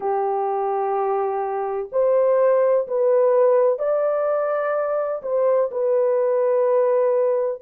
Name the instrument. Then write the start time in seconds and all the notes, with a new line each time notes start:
horn
0.00 G4
1.92 C5
2.87 B4
3.78 D5
5.22 C5
5.71 B4